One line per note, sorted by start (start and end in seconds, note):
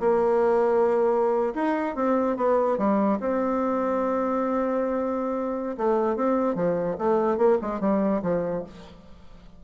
0.00 1.54 A#3
1.55 1.96 D#4
1.96 2.37 C4
2.37 2.78 B3
2.78 3.19 G3
3.20 5.77 C4
5.78 6.16 A3
6.16 6.55 C4
6.55 6.97 F3
6.98 7.37 A3
7.37 7.58 A#3
7.62 7.81 G#3
7.81 8.22 G3
8.23 8.64 F3